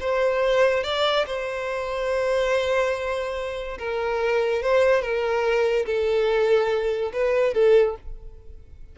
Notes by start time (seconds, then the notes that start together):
0.00 C5
0.84 D5
1.26 C5
3.79 A#4
4.62 C5
5.02 A#4
5.86 A4
7.13 B4
7.54 A4